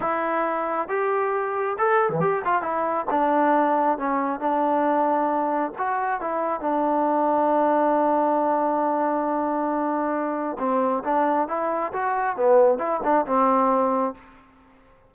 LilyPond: \new Staff \with { instrumentName = "trombone" } { \time 4/4 \tempo 4 = 136 e'2 g'2 | a'8. e16 g'8 f'8 e'4 d'4~ | d'4 cis'4 d'2~ | d'4 fis'4 e'4 d'4~ |
d'1~ | d'1 | c'4 d'4 e'4 fis'4 | b4 e'8 d'8 c'2 | }